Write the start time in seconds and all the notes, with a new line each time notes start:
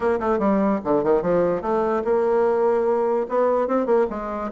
0.00 A#3
0.19 A3
0.38 G3
0.84 D3
1.03 D#3
1.22 F3
1.61 A3
2.04 A#3
3.29 B3
3.67 C4
3.86 A#3
4.09 G#3